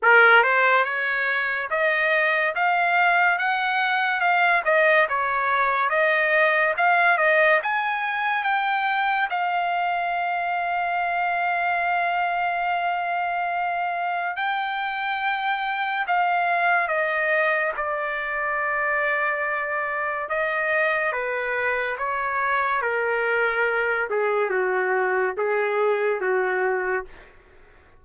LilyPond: \new Staff \with { instrumentName = "trumpet" } { \time 4/4 \tempo 4 = 71 ais'8 c''8 cis''4 dis''4 f''4 | fis''4 f''8 dis''8 cis''4 dis''4 | f''8 dis''8 gis''4 g''4 f''4~ | f''1~ |
f''4 g''2 f''4 | dis''4 d''2. | dis''4 b'4 cis''4 ais'4~ | ais'8 gis'8 fis'4 gis'4 fis'4 | }